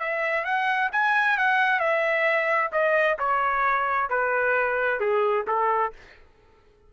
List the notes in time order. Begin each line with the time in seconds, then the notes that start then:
0.00 E5
0.44 F#5
0.92 G#5
1.38 F#5
1.80 E5
2.72 D#5
3.19 C#5
4.10 B4
5.00 G#4
5.48 A4